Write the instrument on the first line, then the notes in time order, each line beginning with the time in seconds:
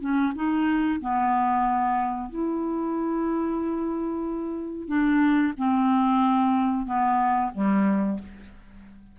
clarinet
0.00 C#4
0.35 D#4
1.00 B3
2.29 E4
4.88 D4
5.57 C4
6.85 B3
7.54 G3